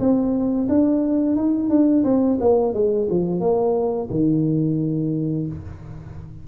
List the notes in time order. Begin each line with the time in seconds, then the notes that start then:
0.00 C4
0.69 D4
1.36 D#4
1.70 D4
2.05 C4
2.41 A#3
2.74 G#3
3.11 F3
3.41 A#3
4.11 D#3